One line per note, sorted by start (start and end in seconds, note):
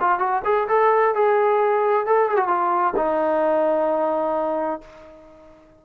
0.00 0.18 F4
0.18 0.42 F#4
0.44 0.67 G#4
0.68 1.14 A4
1.14 2.06 G#4
2.06 2.29 A4
2.29 2.36 G#4
2.36 2.47 F#4
2.47 2.93 F4
2.96 4.80 D#4